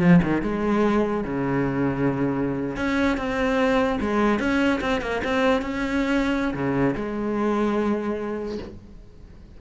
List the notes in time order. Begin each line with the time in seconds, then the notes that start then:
0.00 F3
0.23 D#3
0.42 G#3
1.24 C#3
2.77 C#4
3.17 C4
4.01 G#3
4.39 C#4
4.81 C4
5.01 A#3
5.24 C4
5.62 C#4
6.54 C#3
6.96 G#3